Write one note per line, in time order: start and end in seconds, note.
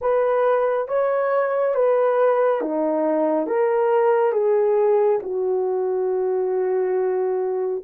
0.01 0.88 B4
0.88 1.74 C#5
1.74 2.61 B4
2.61 3.46 D#4
3.46 4.32 A#4
4.32 5.19 G#4
5.22 7.83 F#4